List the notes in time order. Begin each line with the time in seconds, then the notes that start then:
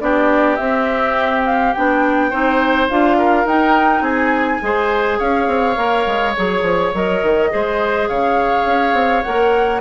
0.00 B3 D4 G4 D5
0.55 C4 E5
1.45 F5
1.73 B3 D4 G5
2.30 C4 D#4 C5
2.89 D4 F4 F5
3.18 A#4
3.45 D#4 G5
4.00 C4 G#4 G#5
4.61 G#3 G#4 C5
5.18 C#4 C#5 F5
5.47 C4
5.75 A#3 A#4
6.06 G#3
6.36 F#3 G#4 C#5
6.61 F3
6.93 F#3 A#4 D#5
7.22 D#3
7.50 G#3 G#4 C5
8.08 C#3 C#5 F5
8.65 C#4
8.93 C4
9.22 A#3 A#4 F#5